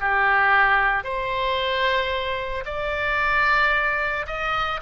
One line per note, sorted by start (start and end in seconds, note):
0.00 1.03 G4
1.03 2.64 C5
2.65 4.26 D5
4.27 4.80 D#5